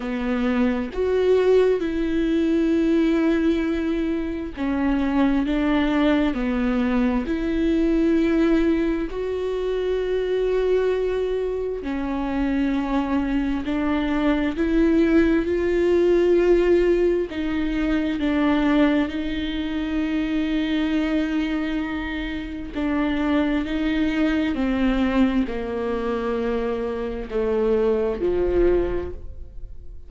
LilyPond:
\new Staff \with { instrumentName = "viola" } { \time 4/4 \tempo 4 = 66 b4 fis'4 e'2~ | e'4 cis'4 d'4 b4 | e'2 fis'2~ | fis'4 cis'2 d'4 |
e'4 f'2 dis'4 | d'4 dis'2.~ | dis'4 d'4 dis'4 c'4 | ais2 a4 f4 | }